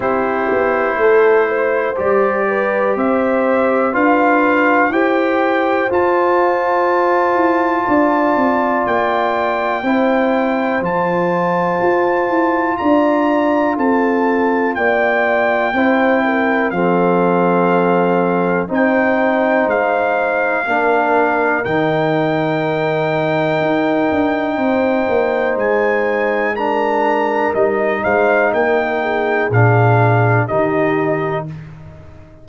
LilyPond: <<
  \new Staff \with { instrumentName = "trumpet" } { \time 4/4 \tempo 4 = 61 c''2 d''4 e''4 | f''4 g''4 a''2~ | a''4 g''2 a''4~ | a''4 ais''4 a''4 g''4~ |
g''4 f''2 g''4 | f''2 g''2~ | g''2 gis''4 ais''4 | dis''8 f''8 g''4 f''4 dis''4 | }
  \new Staff \with { instrumentName = "horn" } { \time 4/4 g'4 a'8 c''4 b'8 c''4 | b'4 c''2. | d''2 c''2~ | c''4 d''4 a'4 d''4 |
c''8 ais'8 a'2 c''4~ | c''4 ais'2.~ | ais'4 c''2 ais'4~ | ais'8 c''8 ais'8 gis'4. g'4 | }
  \new Staff \with { instrumentName = "trombone" } { \time 4/4 e'2 g'2 | f'4 g'4 f'2~ | f'2 e'4 f'4~ | f'1 |
e'4 c'2 dis'4~ | dis'4 d'4 dis'2~ | dis'2. d'4 | dis'2 d'4 dis'4 | }
  \new Staff \with { instrumentName = "tuba" } { \time 4/4 c'8 b8 a4 g4 c'4 | d'4 e'4 f'4. e'8 | d'8 c'8 ais4 c'4 f4 | f'8 e'8 d'4 c'4 ais4 |
c'4 f2 c'4 | gis4 ais4 dis2 | dis'8 d'8 c'8 ais8 gis2 | g8 gis8 ais4 ais,4 dis4 | }
>>